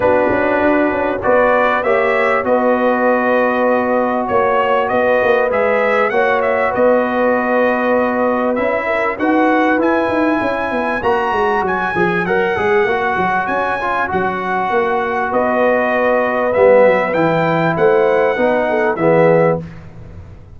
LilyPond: <<
  \new Staff \with { instrumentName = "trumpet" } { \time 4/4 \tempo 4 = 98 b'2 d''4 e''4 | dis''2. cis''4 | dis''4 e''4 fis''8 e''8 dis''4~ | dis''2 e''4 fis''4 |
gis''2 ais''4 gis''4 | fis''2 gis''4 fis''4~ | fis''4 dis''2 e''4 | g''4 fis''2 e''4 | }
  \new Staff \with { instrumentName = "horn" } { \time 4/4 fis'2 b'4 cis''4 | b'2. cis''4 | b'2 cis''4 b'4~ | b'2~ b'8 ais'8 b'4~ |
b'4 cis''2.~ | cis''1~ | cis''4 b'2.~ | b'4 c''4 b'8 a'8 gis'4 | }
  \new Staff \with { instrumentName = "trombone" } { \time 4/4 d'2 fis'4 g'4 | fis'1~ | fis'4 gis'4 fis'2~ | fis'2 e'4 fis'4 |
e'2 fis'4. gis'8 | ais'8 gis'8 fis'4. f'8 fis'4~ | fis'2. b4 | e'2 dis'4 b4 | }
  \new Staff \with { instrumentName = "tuba" } { \time 4/4 b8 cis'8 d'8 cis'8 b4 ais4 | b2. ais4 | b8 ais8 gis4 ais4 b4~ | b2 cis'4 dis'4 |
e'8 dis'8 cis'8 b8 ais8 gis8 fis8 f8 | fis8 gis8 ais8 fis8 cis'4 fis4 | ais4 b2 g8 fis8 | e4 a4 b4 e4 | }
>>